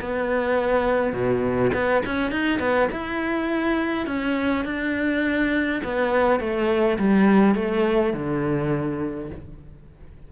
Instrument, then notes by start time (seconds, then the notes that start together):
cello
0.00 B3
1.13 B2
1.73 B3
2.06 C#4
2.31 D#4
2.59 B3
2.92 E4
4.06 C#4
4.65 D4
5.83 B3
6.39 A3
6.98 G3
7.55 A3
8.13 D3